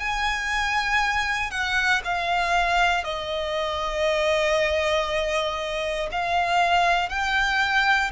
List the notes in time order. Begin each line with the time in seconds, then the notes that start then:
0.00 G#5
1.52 F#5
2.05 F5
3.05 D#5
6.12 F5
7.10 G5